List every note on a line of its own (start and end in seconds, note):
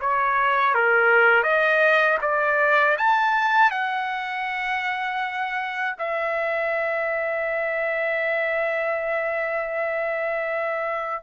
0.00 0.74 C#5
0.74 1.43 A#4
1.43 2.18 D#5
2.22 2.97 D5
2.97 3.71 A5
3.71 5.96 F#5
5.98 11.23 E5